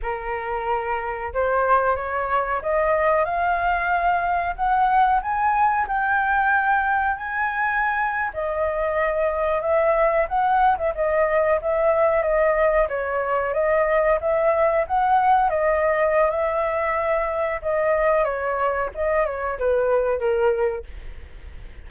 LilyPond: \new Staff \with { instrumentName = "flute" } { \time 4/4 \tempo 4 = 92 ais'2 c''4 cis''4 | dis''4 f''2 fis''4 | gis''4 g''2 gis''4~ | gis''8. dis''2 e''4 fis''16~ |
fis''8 e''16 dis''4 e''4 dis''4 cis''16~ | cis''8. dis''4 e''4 fis''4 dis''16~ | dis''4 e''2 dis''4 | cis''4 dis''8 cis''8 b'4 ais'4 | }